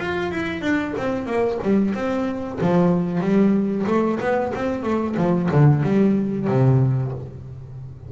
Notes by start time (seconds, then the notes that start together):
0.00 F4
0.32 E4
0.62 D4
0.98 C4
1.26 A#3
1.63 G3
1.95 C4
2.61 F3
3.21 G3
3.87 A3
4.21 B3
4.55 C4
4.83 A3
5.18 F3
5.52 D3
5.84 G3
6.48 C3